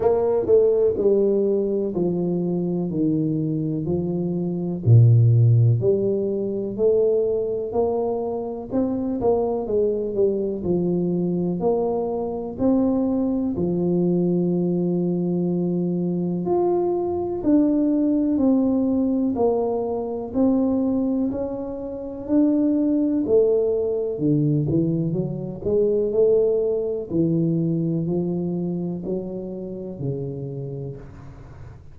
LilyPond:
\new Staff \with { instrumentName = "tuba" } { \time 4/4 \tempo 4 = 62 ais8 a8 g4 f4 dis4 | f4 ais,4 g4 a4 | ais4 c'8 ais8 gis8 g8 f4 | ais4 c'4 f2~ |
f4 f'4 d'4 c'4 | ais4 c'4 cis'4 d'4 | a4 d8 e8 fis8 gis8 a4 | e4 f4 fis4 cis4 | }